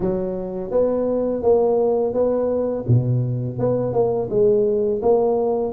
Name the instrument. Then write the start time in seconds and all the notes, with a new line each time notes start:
tuba
0.00 F#3
0.70 B3
1.42 A#3
2.13 B3
2.87 B2
3.58 B3
3.93 A#3
4.30 G#3
5.02 A#3